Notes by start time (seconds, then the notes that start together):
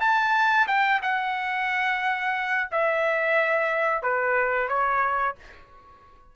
0.00 A5
0.67 G5
1.02 F#5
2.71 E5
4.02 B4
4.68 C#5